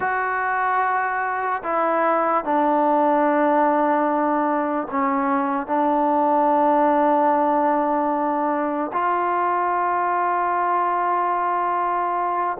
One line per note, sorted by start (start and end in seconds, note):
0.00 1.62 F#4
1.63 2.44 E4
2.44 4.87 D4
4.91 5.66 C#4
5.66 8.91 D4
8.92 12.57 F4